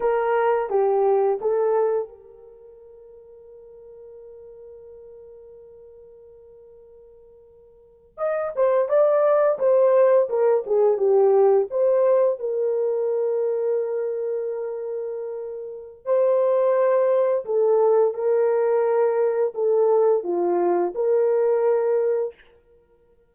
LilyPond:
\new Staff \with { instrumentName = "horn" } { \time 4/4 \tempo 4 = 86 ais'4 g'4 a'4 ais'4~ | ais'1~ | ais'2.~ ais'8. dis''16~ | dis''16 c''8 d''4 c''4 ais'8 gis'8 g'16~ |
g'8. c''4 ais'2~ ais'16~ | ais'2. c''4~ | c''4 a'4 ais'2 | a'4 f'4 ais'2 | }